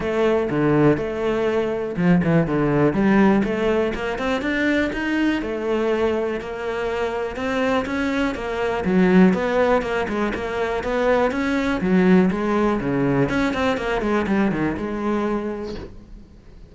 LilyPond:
\new Staff \with { instrumentName = "cello" } { \time 4/4 \tempo 4 = 122 a4 d4 a2 | f8 e8 d4 g4 a4 | ais8 c'8 d'4 dis'4 a4~ | a4 ais2 c'4 |
cis'4 ais4 fis4 b4 | ais8 gis8 ais4 b4 cis'4 | fis4 gis4 cis4 cis'8 c'8 | ais8 gis8 g8 dis8 gis2 | }